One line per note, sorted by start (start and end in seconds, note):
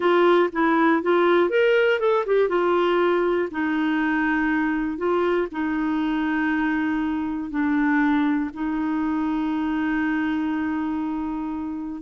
0.00 0.50 F4
0.52 1.02 E4
1.02 1.49 F4
1.49 1.99 A#4
1.99 2.24 A4
2.26 2.49 G4
2.49 3.49 F4
3.51 4.97 D#4
4.97 5.47 F4
5.51 7.50 D#4
7.50 8.50 D4
8.53 12.01 D#4